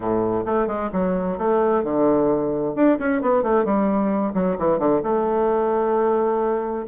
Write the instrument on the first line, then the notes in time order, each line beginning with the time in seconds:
bassoon
0.00 A2
0.45 A3
0.67 G#3
0.92 F#3
1.37 A3
1.83 D3
2.75 D4
2.98 C#4
3.21 B3
3.42 A3
3.64 G3
4.34 F#3
4.58 E3
4.78 D3
5.03 A3